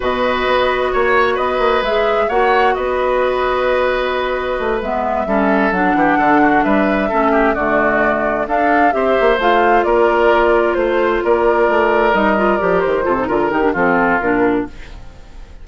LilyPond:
<<
  \new Staff \with { instrumentName = "flute" } { \time 4/4 \tempo 4 = 131 dis''2 cis''4 dis''4 | e''4 fis''4 dis''2~ | dis''2~ dis''8 e''4.~ | e''8 fis''2 e''4.~ |
e''8 d''2 f''4 e''8~ | e''8 f''4 d''2 c''8~ | c''8 d''2 dis''4 d''8 | c''4 ais'8 g'8 a'4 ais'4 | }
  \new Staff \with { instrumentName = "oboe" } { \time 4/4 b'2 cis''4 b'4~ | b'4 cis''4 b'2~ | b'2.~ b'8 a'8~ | a'4 g'8 a'8 fis'8 b'4 a'8 |
g'8 fis'2 a'4 c''8~ | c''4. ais'2 c''8~ | c''8 ais'2.~ ais'8~ | ais'8 a'8 ais'4 f'2 | }
  \new Staff \with { instrumentName = "clarinet" } { \time 4/4 fis'1 | gis'4 fis'2.~ | fis'2~ fis'8 b4 cis'8~ | cis'8 d'2. cis'8~ |
cis'8 a2 d'4 g'8~ | g'8 f'2.~ f'8~ | f'2~ f'8 dis'8 f'8 g'8~ | g'8 f'16 dis'16 f'8 dis'16 d'16 c'4 d'4 | }
  \new Staff \with { instrumentName = "bassoon" } { \time 4/4 b,4 b4 ais4 b8 ais8 | gis4 ais4 b2~ | b2 a8 gis4 g8~ | g8 fis8 e8 d4 g4 a8~ |
a8 d2 d'4 c'8 | ais8 a4 ais2 a8~ | a8 ais4 a4 g4 f8 | dis8 c8 d8 dis8 f4 ais,4 | }
>>